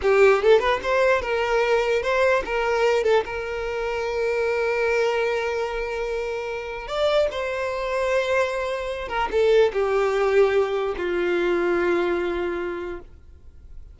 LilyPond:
\new Staff \with { instrumentName = "violin" } { \time 4/4 \tempo 4 = 148 g'4 a'8 b'8 c''4 ais'4~ | ais'4 c''4 ais'4. a'8 | ais'1~ | ais'1~ |
ais'4 d''4 c''2~ | c''2~ c''8 ais'8 a'4 | g'2. f'4~ | f'1 | }